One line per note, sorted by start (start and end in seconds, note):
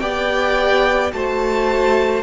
0.00 1.12 B3
0.00 1.12 G4
0.00 1.13 D5
0.00 1.11 G5
1.12 2.23 A3
1.12 2.23 F#4
1.12 2.23 C5
1.12 2.23 A5